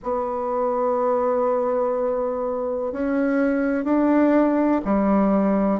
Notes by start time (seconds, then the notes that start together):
0.03 B3
2.92 C#4
3.84 D4
4.84 G3